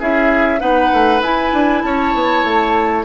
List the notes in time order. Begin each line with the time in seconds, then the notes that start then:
0.00 C#4 E4 G#4 E5
0.60 B3 D#4 B4 F#5
0.93 A3
1.21 E4 G#5
1.53 D4
1.82 C#4 C#5 A5
2.14 B3
2.44 A3